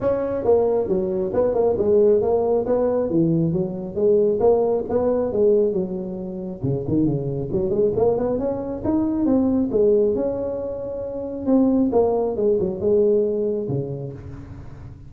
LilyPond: \new Staff \with { instrumentName = "tuba" } { \time 4/4 \tempo 4 = 136 cis'4 ais4 fis4 b8 ais8 | gis4 ais4 b4 e4 | fis4 gis4 ais4 b4 | gis4 fis2 cis8 dis8 |
cis4 fis8 gis8 ais8 b8 cis'4 | dis'4 c'4 gis4 cis'4~ | cis'2 c'4 ais4 | gis8 fis8 gis2 cis4 | }